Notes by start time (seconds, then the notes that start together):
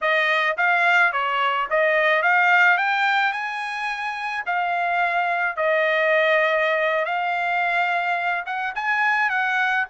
0.01 D#5
0.57 F5
1.12 C#5
1.69 D#5
2.22 F5
2.77 G5
3.32 G#5
4.46 F5
5.56 D#5
7.05 F5
8.45 F#5
8.75 G#5
9.29 F#5